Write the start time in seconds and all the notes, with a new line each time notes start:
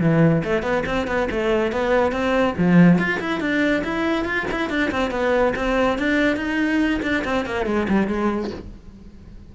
0.00 E3
0.44 A3
0.62 B3
0.86 C4
1.07 B3
1.31 A3
1.72 B3
2.12 C4
2.57 F3
2.98 F4
3.20 E4
3.40 D4
3.84 E4
4.25 F4
4.51 E4
4.69 D4
4.91 C4
5.11 B3
5.56 C4
5.98 D4
6.37 D#4
7.02 D4
7.24 C4
7.45 A#3
7.66 G#3
7.89 G3
8.08 G#3